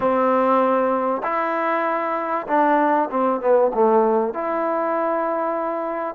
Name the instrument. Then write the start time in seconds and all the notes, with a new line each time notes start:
trombone
0.00 C4
1.23 E4
2.47 D4
3.10 C4
3.40 B3
3.74 A3
4.33 E4